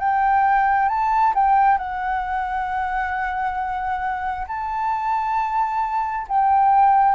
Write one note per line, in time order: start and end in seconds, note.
0.00 0.89 G5
0.89 1.34 A5
1.35 1.78 G5
1.78 4.47 F#5
4.48 6.27 A5
6.28 7.16 G5